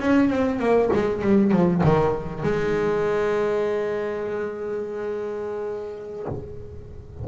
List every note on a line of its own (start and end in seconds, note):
0.00 0.29 C#4
0.29 0.59 C4
0.59 0.90 A#3
0.93 1.22 G#3
1.22 1.51 G3
1.51 1.82 F3
1.84 2.43 D#3
2.43 6.26 G#3